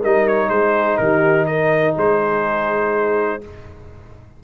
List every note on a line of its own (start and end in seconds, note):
0.00 0.49 G3
0.00 3.42 D#4
0.00 0.48 A#4
0.00 0.28 D#5
0.28 0.49 C#5
0.49 0.98 G#3
0.49 0.99 G#4
0.49 0.97 C5
0.97 1.96 D#3
0.97 1.48 G4
0.97 1.46 A#4
1.46 1.95 A#4
1.46 1.95 D#5
1.95 3.42 G#3
1.95 3.41 G#4
1.95 3.44 C5